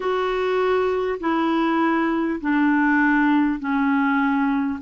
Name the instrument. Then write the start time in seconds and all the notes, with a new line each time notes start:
clarinet
0.00 F#4
1.20 E4
2.41 D4
3.59 C#4